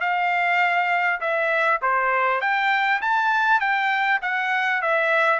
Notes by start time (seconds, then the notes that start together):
0.00 F5
1.21 E5
1.82 C5
2.41 G5
3.01 A5
3.60 G5
4.22 F#5
4.82 E5